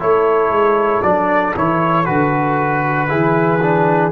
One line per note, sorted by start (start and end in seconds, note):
0.00 0.49 A3
0.00 1.03 E4
0.00 3.10 A4
0.00 1.03 C#5
0.49 1.01 G#3
1.03 1.55 F#3
1.03 1.55 D4
1.03 1.55 D5
1.56 2.08 E3
1.56 2.06 E4
1.56 2.06 C#5
2.06 3.12 D3
2.06 3.09 F#4
2.06 4.12 B4
3.09 4.12 E3
3.09 3.61 E4
3.09 4.12 G#4
3.62 4.12 D4